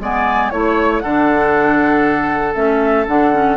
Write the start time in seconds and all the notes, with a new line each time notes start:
0.00 G#3 B3 D5 G#5
0.50 A3 E4 C#5
1.00 D3 D4 A4 F#5
2.55 A3 C#4 E5
3.08 D3 D4 F#5
3.33 C#4